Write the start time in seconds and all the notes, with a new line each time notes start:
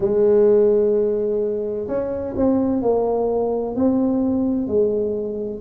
0.00 G#3
1.87 C#4
2.36 C4
2.82 A#3
3.75 C4
4.67 G#3